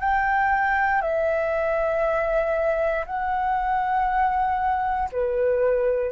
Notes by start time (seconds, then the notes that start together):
0.00 G5
1.01 E5
3.06 F#5
5.12 B4